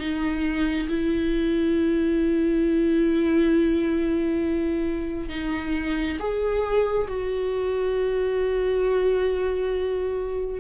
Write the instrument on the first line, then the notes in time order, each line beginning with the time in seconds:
viola
0.00 D#4
0.89 E4
5.29 D#4
6.20 G#4
7.08 F#4